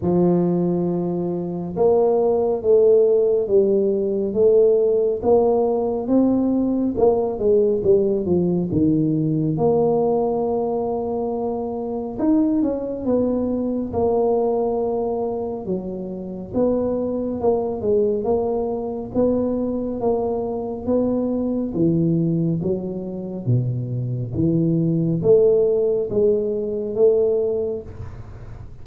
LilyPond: \new Staff \with { instrumentName = "tuba" } { \time 4/4 \tempo 4 = 69 f2 ais4 a4 | g4 a4 ais4 c'4 | ais8 gis8 g8 f8 dis4 ais4~ | ais2 dis'8 cis'8 b4 |
ais2 fis4 b4 | ais8 gis8 ais4 b4 ais4 | b4 e4 fis4 b,4 | e4 a4 gis4 a4 | }